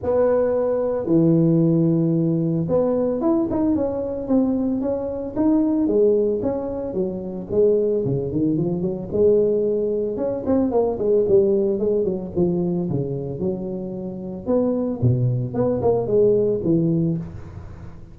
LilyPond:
\new Staff \with { instrumentName = "tuba" } { \time 4/4 \tempo 4 = 112 b2 e2~ | e4 b4 e'8 dis'8 cis'4 | c'4 cis'4 dis'4 gis4 | cis'4 fis4 gis4 cis8 dis8 |
f8 fis8 gis2 cis'8 c'8 | ais8 gis8 g4 gis8 fis8 f4 | cis4 fis2 b4 | b,4 b8 ais8 gis4 e4 | }